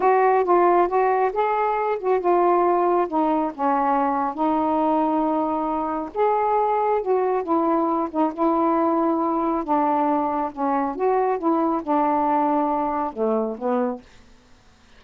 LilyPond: \new Staff \with { instrumentName = "saxophone" } { \time 4/4 \tempo 4 = 137 fis'4 f'4 fis'4 gis'4~ | gis'8 fis'8 f'2 dis'4 | cis'2 dis'2~ | dis'2 gis'2 |
fis'4 e'4. dis'8 e'4~ | e'2 d'2 | cis'4 fis'4 e'4 d'4~ | d'2 a4 b4 | }